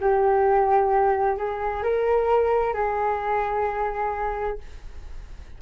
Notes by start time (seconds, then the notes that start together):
0.00 G4
1.37 G#4
1.83 A#4
2.73 G#4